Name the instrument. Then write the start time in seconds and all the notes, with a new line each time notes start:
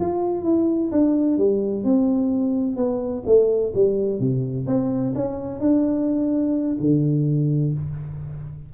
tuba
0.00 F4
0.44 E4
0.92 D4
1.38 G3
1.84 C4
2.77 B3
3.26 A3
3.75 G3
4.20 C3
4.67 C4
5.15 C#4
5.60 D4
6.80 D3